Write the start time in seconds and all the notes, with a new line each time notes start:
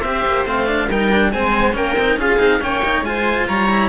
0.00 C4 G4 C5 E5
0.25 A#3
0.45 A3 C4 F5
0.66 D4
0.88 G3 D#4 A#4 G5
1.11 D4
1.31 G#3 C4 C5 G#5
1.73 A#3 C#4 A#4 G5
1.95 C4 D#4
2.16 C#4 F4 G#4 F5
2.38 C4 D#4
2.60 A#3 C#4 C#5 G5
2.84 D#4
3.02 G#3 F4 C5 G#5
3.47 G3 C#5 A#5
3.69 E4